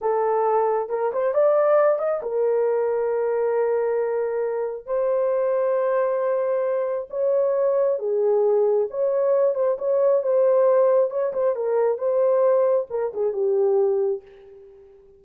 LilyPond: \new Staff \with { instrumentName = "horn" } { \time 4/4 \tempo 4 = 135 a'2 ais'8 c''8 d''4~ | d''8 dis''8 ais'2.~ | ais'2. c''4~ | c''1 |
cis''2 gis'2 | cis''4. c''8 cis''4 c''4~ | c''4 cis''8 c''8 ais'4 c''4~ | c''4 ais'8 gis'8 g'2 | }